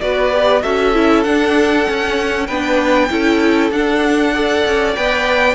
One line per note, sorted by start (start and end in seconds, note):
0.00 0.63 B3
0.00 0.31 F#4
0.00 0.62 B4
0.00 0.62 D5
0.31 0.62 G4
0.62 1.25 C#4
0.62 0.94 F#4
0.62 2.46 A4
0.62 1.23 E5
0.94 1.24 E4
1.23 1.85 D4
1.23 1.87 D4
1.23 2.46 F#5
1.85 2.47 C#4
1.85 2.48 C#4
2.46 3.10 B3
2.46 3.09 D4
2.46 3.08 B4
2.46 3.70 G5
3.09 3.71 C#4
3.09 3.71 E4
3.09 4.34 A4
3.71 4.63 D4
3.71 4.34 D4
3.71 4.95 F#5
4.34 4.96 A4
4.34 5.54 D5
4.65 4.96 C#4
4.95 5.54 B3
4.95 5.54 B4
4.95 5.54 G5